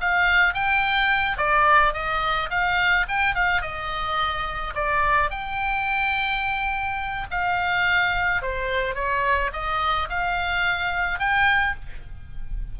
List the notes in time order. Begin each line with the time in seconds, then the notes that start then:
0.00 F5
0.54 G5
1.37 D5
1.93 D#5
2.50 F5
3.08 G5
3.35 F5
3.61 D#5
4.75 D5
5.30 G5
7.30 F5
8.42 C5
8.95 C#5
9.53 D#5
10.09 F5
11.19 G5